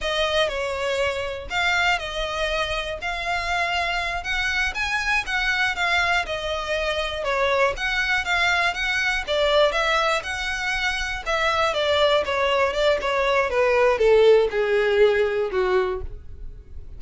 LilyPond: \new Staff \with { instrumentName = "violin" } { \time 4/4 \tempo 4 = 120 dis''4 cis''2 f''4 | dis''2 f''2~ | f''8 fis''4 gis''4 fis''4 f''8~ | f''8 dis''2 cis''4 fis''8~ |
fis''8 f''4 fis''4 d''4 e''8~ | e''8 fis''2 e''4 d''8~ | d''8 cis''4 d''8 cis''4 b'4 | a'4 gis'2 fis'4 | }